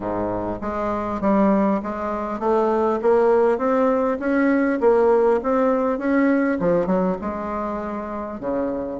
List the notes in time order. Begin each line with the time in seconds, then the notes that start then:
0.00 G#2
0.61 G#3
1.21 G3
1.82 G#3
2.39 A3
3.02 A#3
3.58 C4
4.19 C#4
4.80 A#3
5.42 C4
5.98 C#4
6.59 F3
6.86 F#3
7.21 G#3
8.39 C#3